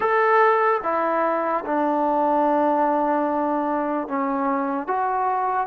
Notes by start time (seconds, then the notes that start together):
0.00 A4
0.83 E4
1.65 D4
4.08 C#4
4.86 F#4